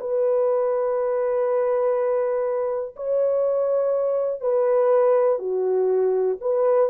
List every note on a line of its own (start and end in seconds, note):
0.00 2.95 B4
2.96 4.40 C#5
4.40 5.38 B4
5.38 6.37 F#4
6.41 6.90 B4